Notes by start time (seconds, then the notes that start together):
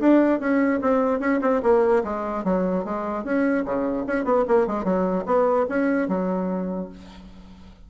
0.00 D4
0.40 C#4
0.82 C4
1.20 C#4
1.42 C4
1.63 A#3
2.04 G#3
2.44 F#3
2.85 G#3
3.24 C#4
3.65 C#3
4.07 C#4
4.25 B3
4.48 A#3
4.67 G#3
4.84 F#3
5.26 B3
5.69 C#4
6.08 F#3